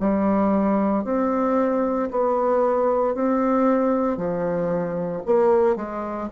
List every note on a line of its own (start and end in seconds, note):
0.00 1.04 G3
1.04 2.10 C4
2.11 3.15 B3
3.15 4.17 C4
4.17 5.22 F3
5.26 5.76 A#3
5.76 6.29 G#3